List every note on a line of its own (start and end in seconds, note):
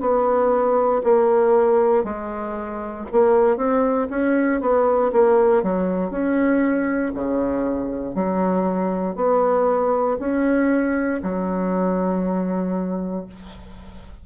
0.00 1.02 B3
1.04 2.03 A#3
2.03 3.05 G#3
3.12 3.56 A#3
3.56 4.07 C4
4.10 4.60 C#4
4.60 5.11 B3
5.12 5.63 A#3
5.63 6.10 F#3
6.10 7.11 C#4
7.14 8.14 C#3
8.14 9.15 F#3
9.15 10.17 B3
10.19 11.21 C#4
11.22 13.26 F#3